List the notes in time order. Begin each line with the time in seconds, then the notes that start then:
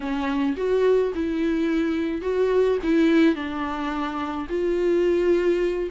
0.00 C#4
0.56 F#4
1.14 E4
2.21 F#4
2.83 E4
3.35 D4
4.49 F4